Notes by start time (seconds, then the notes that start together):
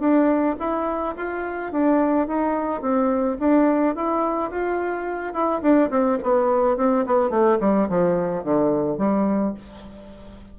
0.00 D4
0.60 E4
1.16 F4
1.72 D4
2.28 D#4
2.82 C4
3.40 D4
3.96 E4
4.51 F4
5.34 E4
5.62 D4
5.90 C4
6.23 B3
6.77 C4
7.06 B3
7.30 A3
7.61 G3
7.89 F3
8.44 D3
8.98 G3